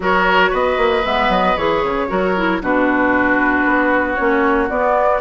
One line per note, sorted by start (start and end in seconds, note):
0.00 0.51 F#3
0.00 1.03 F#4
0.00 0.50 A#4
0.00 0.54 C#5
0.50 0.77 B3
0.50 2.07 B4
0.50 1.06 D#5
0.77 1.03 A#3
1.04 1.29 G#3
1.04 1.57 B3
1.04 1.32 E5
1.29 1.55 F#3
1.29 1.56 D#5
1.56 1.83 E3
1.56 2.08 G#4
1.56 2.61 C#5
1.83 2.09 C#3
2.08 2.61 F#3
2.08 2.34 F#4
2.08 2.61 A#4
2.36 2.61 E4
2.61 3.65 B2
2.61 4.17 D4
2.61 5.21 F#4
2.61 4.15 B4
3.65 4.17 B3
4.15 4.69 A#3
4.15 4.69 C#4
4.15 4.67 C#5
4.69 5.21 B3
4.69 5.21 D5